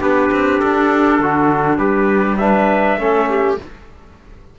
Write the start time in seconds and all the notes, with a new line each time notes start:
0.00 B3 D4 G4 B4
0.31 C4
0.60 D4 A4
1.19 D3 F#4
1.78 G3 G4 B4
2.37 D4 B4 E5
2.98 A3 C#4 A4
3.28 G4